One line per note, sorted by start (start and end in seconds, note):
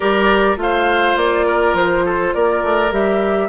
0.00 0.56 G3
0.00 0.56 G4
0.00 0.57 A#4
0.00 0.58 D5
0.56 1.15 A3
0.56 2.89 F4
0.56 1.46 C5
0.56 1.17 F5
1.16 1.73 A#3
1.16 1.75 D5
1.46 2.04 A#4
1.73 2.31 F3
1.73 2.34 C5
2.05 2.34 A4
2.34 2.63 A#3
2.34 3.49 A#4
2.34 2.92 D5
2.63 2.91 A3
2.91 3.49 G3
2.91 3.49 G4
2.91 3.49 E5